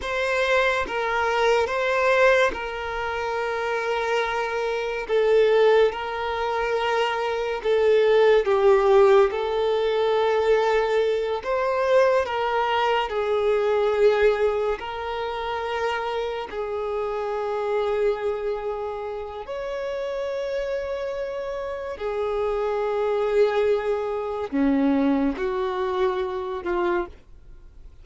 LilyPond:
\new Staff \with { instrumentName = "violin" } { \time 4/4 \tempo 4 = 71 c''4 ais'4 c''4 ais'4~ | ais'2 a'4 ais'4~ | ais'4 a'4 g'4 a'4~ | a'4. c''4 ais'4 gis'8~ |
gis'4. ais'2 gis'8~ | gis'2. cis''4~ | cis''2 gis'2~ | gis'4 cis'4 fis'4. f'8 | }